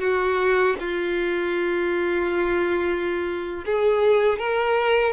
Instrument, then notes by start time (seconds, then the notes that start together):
violin
0.00 F#4
0.80 F4
3.66 G#4
4.39 A#4